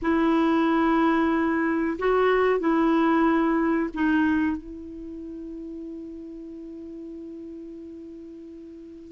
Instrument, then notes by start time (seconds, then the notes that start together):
clarinet
0.02 E4
1.98 F#4
2.59 E4
3.94 D#4
4.57 E4